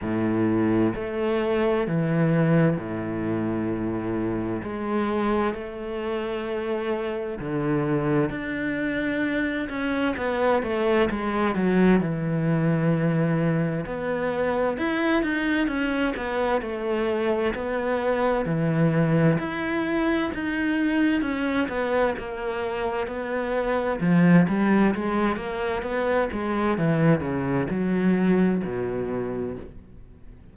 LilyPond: \new Staff \with { instrumentName = "cello" } { \time 4/4 \tempo 4 = 65 a,4 a4 e4 a,4~ | a,4 gis4 a2 | d4 d'4. cis'8 b8 a8 | gis8 fis8 e2 b4 |
e'8 dis'8 cis'8 b8 a4 b4 | e4 e'4 dis'4 cis'8 b8 | ais4 b4 f8 g8 gis8 ais8 | b8 gis8 e8 cis8 fis4 b,4 | }